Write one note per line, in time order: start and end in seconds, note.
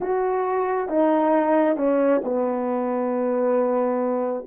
0.00 0.88 F#4
0.88 1.76 D#4
1.76 2.21 C#4
2.24 4.46 B3